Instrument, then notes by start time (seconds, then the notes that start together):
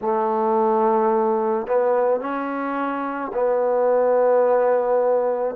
trombone
0.01 A3
1.66 B3
2.20 C#4
3.33 B3